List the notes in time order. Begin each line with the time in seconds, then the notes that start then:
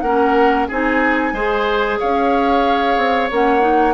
0.00 A#3 C#4 A#4 F#5
0.67 C4 D#4 G#4 G#5
1.32 G#3 G#4 C5
1.99 C#4 C#5 F5
2.97 C4
3.31 A#3 C#4 F#5
3.60 D#4